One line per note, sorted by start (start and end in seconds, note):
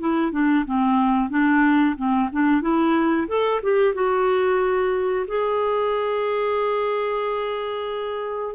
0.00 0.32 E4
0.32 0.65 D4
0.66 1.30 C4
1.30 1.96 D4
1.97 2.30 C4
2.33 2.62 D4
2.62 3.28 E4
3.28 3.61 A4
3.63 3.94 G4
3.94 5.26 F#4
5.27 8.55 G#4